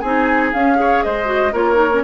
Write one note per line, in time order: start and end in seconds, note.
0.00 0.54 C4
0.00 0.54 D#4
0.00 0.77 G#4
0.00 0.50 G#5
0.53 0.76 C#4
0.53 1.04 C#4
0.53 1.03 F5
0.76 1.25 G#4
0.76 1.05 C#5
1.03 1.53 G#3
1.03 1.53 C5
1.03 1.54 D#5
1.25 1.50 F#4
1.53 2.04 A#3
1.53 1.75 F4
1.53 2.03 A#4
1.53 2.04 C#5
1.75 1.88 D#4
1.93 2.04 C#4